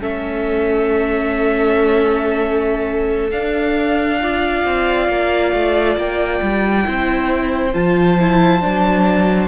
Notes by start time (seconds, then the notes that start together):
0.00 A3 C#4 A4 E5
3.30 D4 F5
4.21 F4 D5
4.64 C4
5.08 A#3
5.53 A3
5.96 A#3 G5
6.41 G3
6.84 C4 E4 C5
7.73 F3 F4 A5
8.20 E4
8.61 F#3 D4